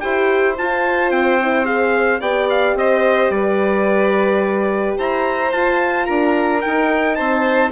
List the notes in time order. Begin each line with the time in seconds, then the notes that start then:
0.00 E4 G4 C5 G5
0.58 F4 A5
1.11 C4 G5
1.42 E4
1.65 G#4 F5
2.20 B3 G4 D5 G5
2.50 F5
2.75 C4 C5 D#5
3.30 G3 B4 D5
4.97 E4 C5 A#5
5.52 F4 A5
6.06 D4 A#4 A#5
6.62 D#4 G5
7.15 C4 C5 A5